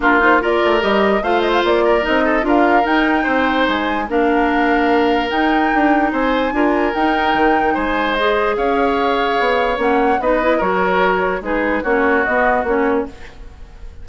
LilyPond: <<
  \new Staff \with { instrumentName = "flute" } { \time 4/4 \tempo 4 = 147 ais'8 c''8 d''4 dis''4 f''8 dis''16 f''16 | d''4 dis''4 f''4 g''4~ | g''4 gis''4 f''2~ | f''4 g''2 gis''4~ |
gis''4 g''2 gis''4 | dis''4 f''2. | fis''4 dis''4 cis''2 | b'4 cis''4 dis''4 cis''4 | }
  \new Staff \with { instrumentName = "oboe" } { \time 4/4 f'4 ais'2 c''4~ | c''8 ais'4 a'8 ais'2 | c''2 ais'2~ | ais'2. c''4 |
ais'2. c''4~ | c''4 cis''2.~ | cis''4 b'4 ais'2 | gis'4 fis'2. | }
  \new Staff \with { instrumentName = "clarinet" } { \time 4/4 d'8 dis'8 f'4 g'4 f'4~ | f'4 dis'4 f'4 dis'4~ | dis'2 d'2~ | d'4 dis'2. |
f'4 dis'2. | gis'1 | cis'4 dis'8 e'8 fis'2 | dis'4 cis'4 b4 cis'4 | }
  \new Staff \with { instrumentName = "bassoon" } { \time 4/4 ais4. a8 g4 a4 | ais4 c'4 d'4 dis'4 | c'4 gis4 ais2~ | ais4 dis'4 d'4 c'4 |
d'4 dis'4 dis4 gis4~ | gis4 cis'2 b4 | ais4 b4 fis2 | gis4 ais4 b4 ais4 | }
>>